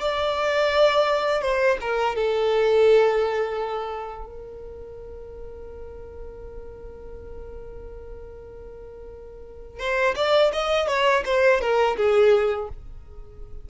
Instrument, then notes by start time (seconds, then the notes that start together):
violin
0.00 D5
1.42 C5
1.81 A#4
2.16 A4
4.26 A#4
9.79 C5
10.16 D5
10.53 D#5
10.88 C#5
11.25 C5
11.61 A#4
11.97 G#4